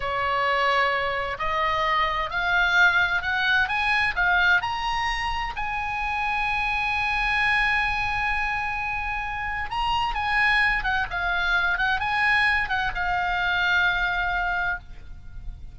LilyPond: \new Staff \with { instrumentName = "oboe" } { \time 4/4 \tempo 4 = 130 cis''2. dis''4~ | dis''4 f''2 fis''4 | gis''4 f''4 ais''2 | gis''1~ |
gis''1~ | gis''4 ais''4 gis''4. fis''8 | f''4. fis''8 gis''4. fis''8 | f''1 | }